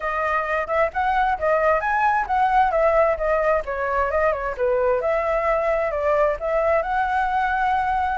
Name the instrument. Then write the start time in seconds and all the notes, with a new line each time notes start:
flute
0.00 D#5
0.67 E5
0.93 F#5
1.38 D#5
1.80 G#5
2.26 F#5
2.71 E5
3.17 D#5
3.65 C#5
4.10 D#5
4.32 C#5
4.57 B4
5.01 E5
5.91 D5
6.39 E5
6.82 F#5